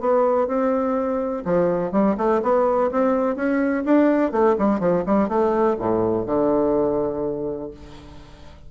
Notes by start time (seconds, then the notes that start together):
0.00 B3
0.47 C4
1.45 F3
1.92 G3
2.17 A3
2.43 B3
2.91 C4
3.36 C#4
3.85 D4
4.32 A3
4.59 G3
4.80 F3
5.06 G3
5.28 A3
5.79 A2
6.26 D3